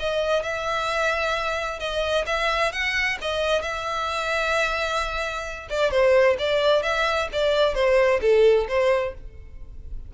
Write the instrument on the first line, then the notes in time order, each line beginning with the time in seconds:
violin
0.00 D#5
0.43 E5
1.80 D#5
2.27 E5
2.73 F#5
3.22 D#5
3.62 E5
5.70 D5
5.91 C5
6.39 D5
6.83 E5
7.33 D5
7.75 C5
8.22 A4
8.69 C5